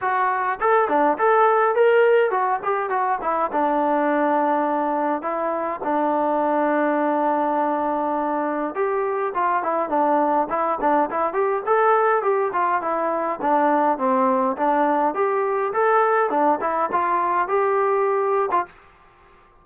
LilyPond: \new Staff \with { instrumentName = "trombone" } { \time 4/4 \tempo 4 = 103 fis'4 a'8 d'8 a'4 ais'4 | fis'8 g'8 fis'8 e'8 d'2~ | d'4 e'4 d'2~ | d'2. g'4 |
f'8 e'8 d'4 e'8 d'8 e'8 g'8 | a'4 g'8 f'8 e'4 d'4 | c'4 d'4 g'4 a'4 | d'8 e'8 f'4 g'4.~ g'16 f'16 | }